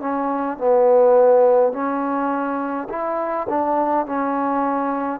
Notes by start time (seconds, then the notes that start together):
0.00 C#4
0.57 B3
1.73 C#4
2.90 E4
3.49 D4
4.06 C#4